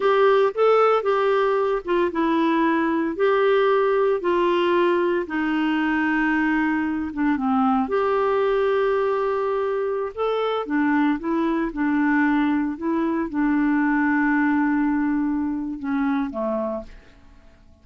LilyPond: \new Staff \with { instrumentName = "clarinet" } { \time 4/4 \tempo 4 = 114 g'4 a'4 g'4. f'8 | e'2 g'2 | f'2 dis'2~ | dis'4. d'8 c'4 g'4~ |
g'2.~ g'16 a'8.~ | a'16 d'4 e'4 d'4.~ d'16~ | d'16 e'4 d'2~ d'8.~ | d'2 cis'4 a4 | }